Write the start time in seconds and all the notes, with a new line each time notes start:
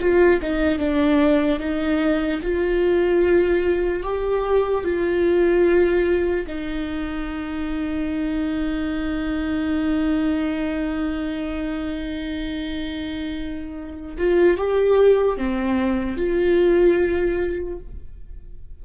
0.00 F4
0.42 D#4
0.79 D4
1.60 D#4
2.43 F4
4.03 G4
4.84 F4
6.47 D#4
14.18 F4
14.58 G4
15.37 C4
16.17 F4